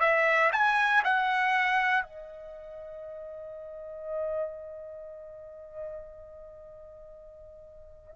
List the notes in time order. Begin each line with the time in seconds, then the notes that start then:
0.00 E5
0.52 G#5
1.04 F#5
2.03 D#5